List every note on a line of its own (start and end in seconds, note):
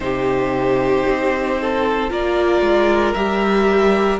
0.00 1.03 C3
0.00 2.09 D#4
0.00 1.61 G4
0.00 2.10 C5
1.07 2.10 C4
1.61 2.10 A4
2.09 2.61 A#3
2.09 3.14 F4
2.09 4.20 A#4
2.09 3.14 D5
2.61 3.13 G#3
3.14 4.20 G3
3.14 4.20 G4
3.14 4.19 E5